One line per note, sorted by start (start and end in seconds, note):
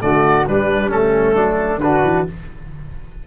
0.00 0.46 D3
0.00 0.45 A3
0.00 0.47 F#4
0.00 0.45 D5
0.46 0.91 G3
0.46 1.35 G3
0.46 0.89 D4
0.46 0.90 B4
0.89 1.80 A3
0.89 1.34 C#4
0.89 1.79 A4
1.35 1.77 F#3
1.35 1.79 D4
1.77 1.99 D3
1.77 2.26 D4
1.77 2.27 F#4
1.77 2.24 B4
2.03 2.26 E3